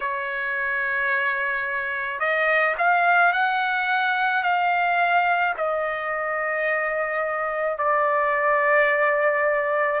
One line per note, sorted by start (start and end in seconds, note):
0.00 2.19 C#5
2.19 2.75 D#5
2.78 3.32 F5
3.32 4.43 F#5
4.43 5.54 F5
5.57 7.78 D#5
7.78 10.00 D5